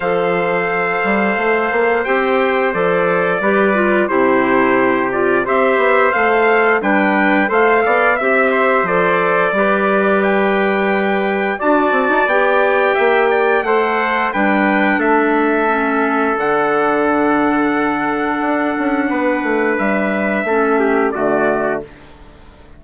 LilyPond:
<<
  \new Staff \with { instrumentName = "trumpet" } { \time 4/4 \tempo 4 = 88 f''2. g''4 | d''2 c''4. d''8 | e''4 f''4 g''4 f''4 | e''4 d''2 g''4~ |
g''4 a''4 g''2 | fis''4 g''4 e''2 | fis''1~ | fis''4 e''2 d''4 | }
  \new Staff \with { instrumentName = "trumpet" } { \time 4/4 c''1~ | c''4 b'4 g'2 | c''2 b'4 c''8 d''8 | e''8 c''4. b'2~ |
b'4 d''2 e''8 d''8 | c''4 b'4 a'2~ | a'1 | b'2 a'8 g'8 fis'4 | }
  \new Staff \with { instrumentName = "clarinet" } { \time 4/4 a'2. g'4 | a'4 g'8 f'8 e'4. f'8 | g'4 a'4 d'4 a'4 | g'4 a'4 g'2~ |
g'4 fis'4 g'2 | a'4 d'2 cis'4 | d'1~ | d'2 cis'4 a4 | }
  \new Staff \with { instrumentName = "bassoon" } { \time 4/4 f4. g8 a8 ais8 c'4 | f4 g4 c2 | c'8 b8 a4 g4 a8 b8 | c'4 f4 g2~ |
g4 d'8 c'16 dis'16 b4 ais4 | a4 g4 a2 | d2. d'8 cis'8 | b8 a8 g4 a4 d4 | }
>>